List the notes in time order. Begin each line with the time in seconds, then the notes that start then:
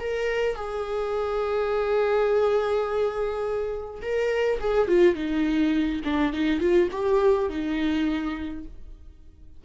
0.00 A#4
0.56 G#4
4.02 A#4
4.60 G#4
4.88 F4
5.15 D#4
6.04 D4
6.33 D#4
6.61 F4
6.92 G4
7.50 D#4